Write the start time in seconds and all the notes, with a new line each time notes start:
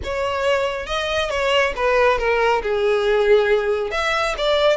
0.03 C#5
0.86 D#5
1.29 C#5
1.76 B4
2.18 A#4
2.62 G#4
3.91 E5
4.37 D5